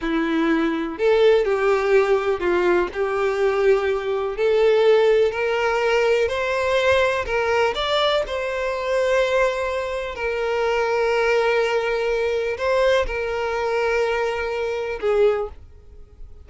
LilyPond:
\new Staff \with { instrumentName = "violin" } { \time 4/4 \tempo 4 = 124 e'2 a'4 g'4~ | g'4 f'4 g'2~ | g'4 a'2 ais'4~ | ais'4 c''2 ais'4 |
d''4 c''2.~ | c''4 ais'2.~ | ais'2 c''4 ais'4~ | ais'2. gis'4 | }